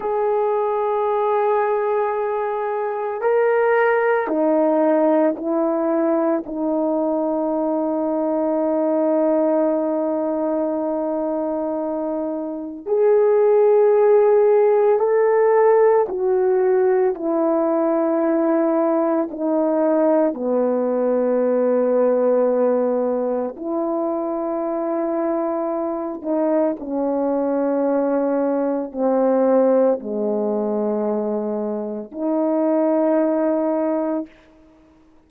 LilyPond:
\new Staff \with { instrumentName = "horn" } { \time 4/4 \tempo 4 = 56 gis'2. ais'4 | dis'4 e'4 dis'2~ | dis'1 | gis'2 a'4 fis'4 |
e'2 dis'4 b4~ | b2 e'2~ | e'8 dis'8 cis'2 c'4 | gis2 dis'2 | }